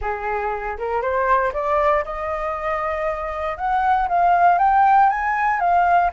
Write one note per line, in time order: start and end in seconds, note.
0.01 0.77 G#4
0.78 1.01 A#4
1.01 1.52 C5
1.53 2.04 D5
2.04 3.57 D#5
3.57 4.07 F#5
4.08 4.58 F5
4.58 5.09 G5
5.09 5.59 G#5
5.59 6.10 F5